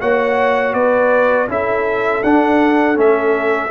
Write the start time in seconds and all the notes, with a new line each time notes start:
0.00 A#3 F#4 C#5 F#5
0.73 B3 B4 D5
1.48 C#4 E4 A4 E5
2.23 D4 F#5
2.94 A3 C#4 E5